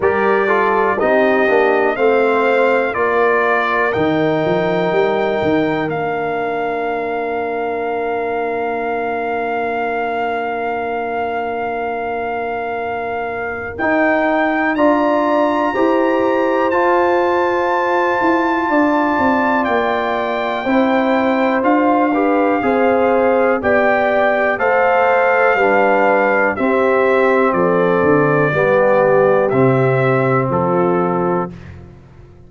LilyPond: <<
  \new Staff \with { instrumentName = "trumpet" } { \time 4/4 \tempo 4 = 61 d''4 dis''4 f''4 d''4 | g''2 f''2~ | f''1~ | f''2 g''4 ais''4~ |
ais''4 a''2. | g''2 f''2 | g''4 f''2 e''4 | d''2 e''4 a'4 | }
  \new Staff \with { instrumentName = "horn" } { \time 4/4 ais'8 a'8 g'4 c''4 ais'4~ | ais'1~ | ais'1~ | ais'2. d''4 |
c''2. d''4~ | d''4 c''4. b'8 c''4 | d''4 c''4 b'4 g'4 | a'4 g'2 f'4 | }
  \new Staff \with { instrumentName = "trombone" } { \time 4/4 g'8 f'8 dis'8 d'8 c'4 f'4 | dis'2 d'2~ | d'1~ | d'2 dis'4 f'4 |
g'4 f'2.~ | f'4 e'4 f'8 g'8 gis'4 | g'4 a'4 d'4 c'4~ | c'4 b4 c'2 | }
  \new Staff \with { instrumentName = "tuba" } { \time 4/4 g4 c'8 ais8 a4 ais4 | dis8 f8 g8 dis8 ais2~ | ais1~ | ais2 dis'4 d'4 |
e'4 f'4. e'8 d'8 c'8 | ais4 c'4 d'4 c'4 | b4 a4 g4 c'4 | f8 d8 g4 c4 f4 | }
>>